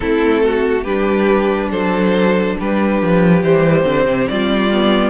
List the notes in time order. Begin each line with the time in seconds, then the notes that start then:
0.00 A3 C4 E4 A4
0.44 F#4
0.83 G3 D4 G4 B4
1.70 F#3 A4 C5
2.59 G3 G4 B4
3.01 F3
3.42 E3 G3 C5
3.83 D3 C4
4.05 C3
4.27 G3 F4 D5
4.72 B3